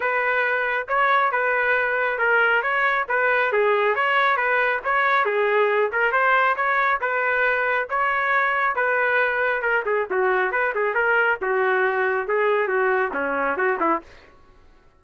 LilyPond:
\new Staff \with { instrumentName = "trumpet" } { \time 4/4 \tempo 4 = 137 b'2 cis''4 b'4~ | b'4 ais'4 cis''4 b'4 | gis'4 cis''4 b'4 cis''4 | gis'4. ais'8 c''4 cis''4 |
b'2 cis''2 | b'2 ais'8 gis'8 fis'4 | b'8 gis'8 ais'4 fis'2 | gis'4 fis'4 cis'4 fis'8 e'8 | }